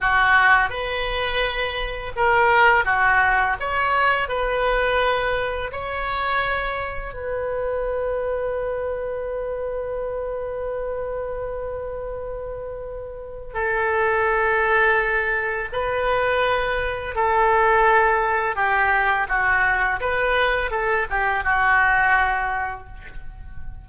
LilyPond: \new Staff \with { instrumentName = "oboe" } { \time 4/4 \tempo 4 = 84 fis'4 b'2 ais'4 | fis'4 cis''4 b'2 | cis''2 b'2~ | b'1~ |
b'2. a'4~ | a'2 b'2 | a'2 g'4 fis'4 | b'4 a'8 g'8 fis'2 | }